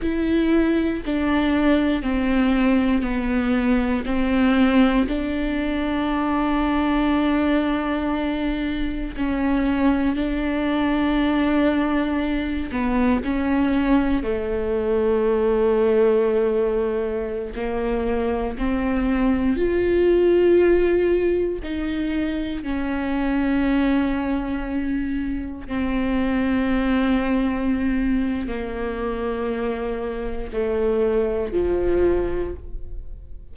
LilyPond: \new Staff \with { instrumentName = "viola" } { \time 4/4 \tempo 4 = 59 e'4 d'4 c'4 b4 | c'4 d'2.~ | d'4 cis'4 d'2~ | d'8 b8 cis'4 a2~ |
a4~ a16 ais4 c'4 f'8.~ | f'4~ f'16 dis'4 cis'4.~ cis'16~ | cis'4~ cis'16 c'2~ c'8. | ais2 a4 f4 | }